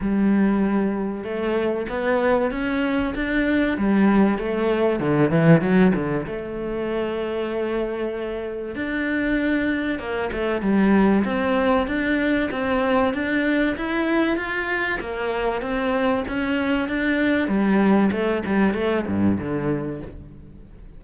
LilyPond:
\new Staff \with { instrumentName = "cello" } { \time 4/4 \tempo 4 = 96 g2 a4 b4 | cis'4 d'4 g4 a4 | d8 e8 fis8 d8 a2~ | a2 d'2 |
ais8 a8 g4 c'4 d'4 | c'4 d'4 e'4 f'4 | ais4 c'4 cis'4 d'4 | g4 a8 g8 a8 g,8 d4 | }